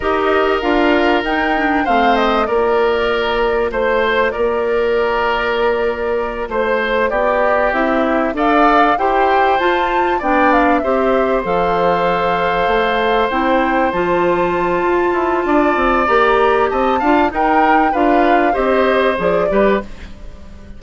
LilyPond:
<<
  \new Staff \with { instrumentName = "flute" } { \time 4/4 \tempo 4 = 97 dis''4 f''4 g''4 f''8 dis''8 | d''2 c''4 d''4~ | d''2~ d''8 c''4 d''8~ | d''8 e''4 f''4 g''4 a''8~ |
a''8 g''8 f''8 e''4 f''4.~ | f''4. g''4 a''4.~ | a''2 ais''4 a''4 | g''4 f''4 dis''4 d''4 | }
  \new Staff \with { instrumentName = "oboe" } { \time 4/4 ais'2. c''4 | ais'2 c''4 ais'4~ | ais'2~ ais'8 c''4 g'8~ | g'4. d''4 c''4.~ |
c''8 d''4 c''2~ c''8~ | c''1~ | c''4 d''2 dis''8 f''8 | ais'4 b'4 c''4. b'8 | }
  \new Staff \with { instrumentName = "clarinet" } { \time 4/4 g'4 f'4 dis'8 d'8 c'4 | f'1~ | f'1~ | f'8 e'4 a'4 g'4 f'8~ |
f'8 d'4 g'4 a'4.~ | a'4. e'4 f'4.~ | f'2 g'4. f'8 | dis'4 f'4 g'4 gis'8 g'8 | }
  \new Staff \with { instrumentName = "bassoon" } { \time 4/4 dis'4 d'4 dis'4 a4 | ais2 a4 ais4~ | ais2~ ais8 a4 b8~ | b8 c'4 d'4 e'4 f'8~ |
f'8 b4 c'4 f4.~ | f8 a4 c'4 f4. | f'8 e'8 d'8 c'8 ais4 c'8 d'8 | dis'4 d'4 c'4 f8 g8 | }
>>